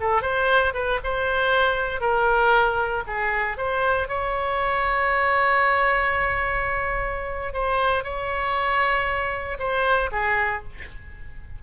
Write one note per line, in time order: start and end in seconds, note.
0.00 0.22 A4
0.22 0.73 C5
0.74 1.00 B4
1.04 2.01 C5
2.01 3.03 A#4
3.07 3.57 G#4
3.57 4.08 C5
4.08 7.53 C#5
7.53 8.04 C5
8.04 9.58 C#5
9.59 10.10 C5
10.12 10.63 G#4